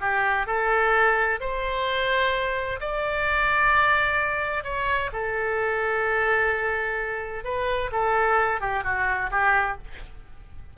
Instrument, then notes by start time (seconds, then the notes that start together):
oboe
0.00 G4
0.47 A4
1.40 C5
2.80 D5
4.64 C#5
5.13 A4
7.44 B4
7.92 A4
8.61 G4
8.84 F#4
9.31 G4